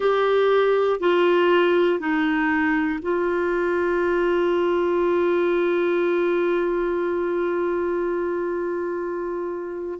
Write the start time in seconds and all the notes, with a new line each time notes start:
0.00 G4
1.00 F4
2.00 D#4
3.02 F4